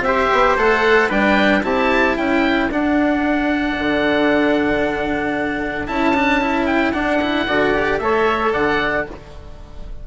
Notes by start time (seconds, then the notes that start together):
0.00 C4 G4 E5
0.06 C5
0.32 B3
0.56 A3 A4 F#5
1.08 G3 D4 B4 G5
1.63 C4 E4 G4 A5
2.17 C#4 A4 G5
2.69 D4 F#5
3.78 D3
5.87 C#4 E4 A5
6.15 D4
6.41 E4
6.66 G5
6.93 D4 F#5
7.21 E4
7.47 D3 F#4 D5
7.74 G4
7.98 A3 A4 C#5 E5
8.53 D3 D5 F#5